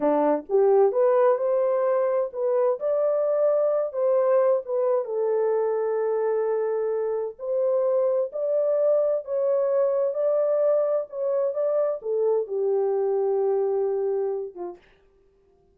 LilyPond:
\new Staff \with { instrumentName = "horn" } { \time 4/4 \tempo 4 = 130 d'4 g'4 b'4 c''4~ | c''4 b'4 d''2~ | d''8 c''4. b'4 a'4~ | a'1 |
c''2 d''2 | cis''2 d''2 | cis''4 d''4 a'4 g'4~ | g'2.~ g'8 f'8 | }